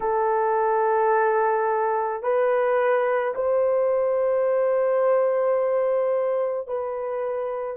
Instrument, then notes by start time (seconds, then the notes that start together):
horn
0.00 A4
2.22 B4
3.34 C5
6.67 B4